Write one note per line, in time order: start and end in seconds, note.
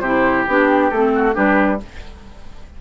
0.00 0.45 C3
0.00 0.48 E4
0.00 1.11 G4
0.00 0.44 C5
0.47 0.91 B3
0.47 0.92 D4
0.47 0.90 G4
0.90 1.35 A3
0.90 1.33 C4
0.90 1.34 A4
1.15 1.34 F#4
1.33 1.81 G3
1.33 1.77 D4
1.33 1.79 G4
1.33 1.80 B4